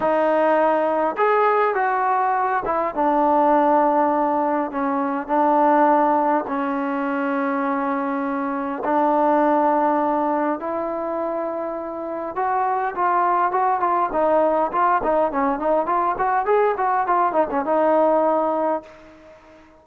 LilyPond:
\new Staff \with { instrumentName = "trombone" } { \time 4/4 \tempo 4 = 102 dis'2 gis'4 fis'4~ | fis'8 e'8 d'2. | cis'4 d'2 cis'4~ | cis'2. d'4~ |
d'2 e'2~ | e'4 fis'4 f'4 fis'8 f'8 | dis'4 f'8 dis'8 cis'8 dis'8 f'8 fis'8 | gis'8 fis'8 f'8 dis'16 cis'16 dis'2 | }